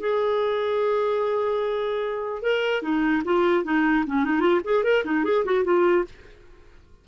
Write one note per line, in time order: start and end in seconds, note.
0.00 2.43 G#4
2.43 2.82 A#4
2.82 3.23 D#4
3.25 3.64 F4
3.64 4.05 D#4
4.07 4.25 C#4
4.25 4.41 D#4
4.41 4.61 F4
4.65 4.84 G#4
4.84 5.04 A#4
5.05 5.24 D#4
5.24 5.45 G#4
5.45 5.64 F#4
5.64 6.05 F4